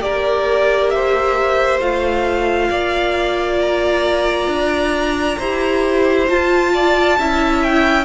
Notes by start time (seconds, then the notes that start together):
0.00 A#3 G4 A#4 D5
0.90 C5 E5
1.79 A3 F4 F5
2.70 A#3 D5
3.61 A#5
4.47 D4
5.38 E4 G4 C5
6.28 F4 A5
6.73 D5
7.18 C#4 E4 E5
7.63 G5